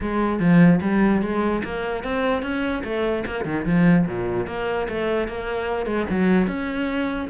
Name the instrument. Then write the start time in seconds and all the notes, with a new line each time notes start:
cello
0.00 G#3
0.39 F3
0.81 G3
1.22 G#3
1.63 A#3
2.03 C4
2.42 C#4
2.84 A3
3.26 A#3
3.45 D#3
3.65 F3
4.06 A#2
4.46 A#3
4.88 A3
5.28 A#3
5.85 G#3
6.10 F#3
6.47 C#4